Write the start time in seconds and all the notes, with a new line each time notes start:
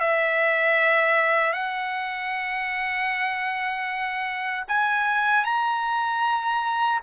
0.00 E5
1.53 F#5
4.68 G#5
5.45 A#5